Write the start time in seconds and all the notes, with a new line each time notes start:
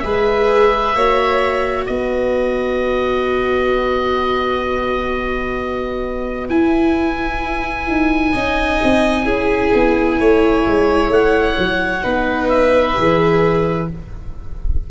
0.00 G#3 G#4 B4 E5
0.95 A#3 F#4 C#5
1.87 B3 B4 D#5
6.49 E4 G#5
7.88 D#4
8.33 C#4 D#4 D#5
8.83 C4
9.24 C#4 E4 G#4
9.74 B3
10.20 A3 C#5
10.67 G#3
11.09 A3 F#5
11.58 F#3
12.02 B3 D#4 B4
12.49 E5
12.95 E3 G#4